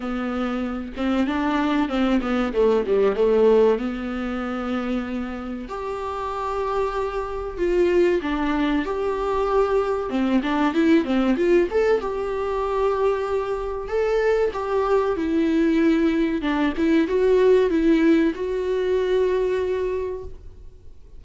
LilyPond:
\new Staff \with { instrumentName = "viola" } { \time 4/4 \tempo 4 = 95 b4. c'8 d'4 c'8 b8 | a8 g8 a4 b2~ | b4 g'2. | f'4 d'4 g'2 |
c'8 d'8 e'8 c'8 f'8 a'8 g'4~ | g'2 a'4 g'4 | e'2 d'8 e'8 fis'4 | e'4 fis'2. | }